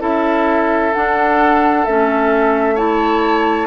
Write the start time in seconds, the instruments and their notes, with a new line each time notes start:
0.00 bassoon C#4, clarinet E4, oboe A4, flute E5
0.94 clarinet D4, bassoon D4, flute F#5
1.86 bassoon A3, clarinet C#4, flute E5
2.76 clarinet E4, oboe C#5, flute A5